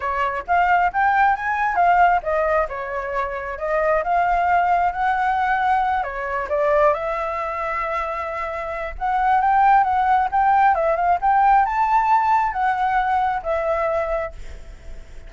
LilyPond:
\new Staff \with { instrumentName = "flute" } { \time 4/4 \tempo 4 = 134 cis''4 f''4 g''4 gis''4 | f''4 dis''4 cis''2 | dis''4 f''2 fis''4~ | fis''4. cis''4 d''4 e''8~ |
e''1 | fis''4 g''4 fis''4 g''4 | e''8 f''8 g''4 a''2 | fis''2 e''2 | }